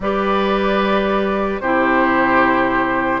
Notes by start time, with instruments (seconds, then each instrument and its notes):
0.00 bassoon G3, clarinet G4, oboe B4, flute D5
1.60 bassoon C3, clarinet E4, oboe G4, flute C5